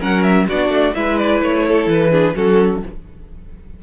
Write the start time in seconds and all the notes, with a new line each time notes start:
0.00 F#3 C#4 A#4 F#5
0.23 E5
0.48 B3 D4 F#4 D5
0.69 A3
0.95 G#3 E4 B4 E5
1.18 D5
1.42 A3 C#5
1.68 A4
1.87 E3 B4
2.12 D4 G#4
2.35 F#3 C#4 F#4 A4